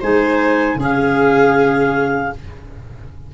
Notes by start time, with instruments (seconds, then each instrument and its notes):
0.00 tuba G#3, clarinet D#4 G#5, viola C5
0.75 tuba C#3, clarinet C#4, viola G#4
0.82 clarinet F5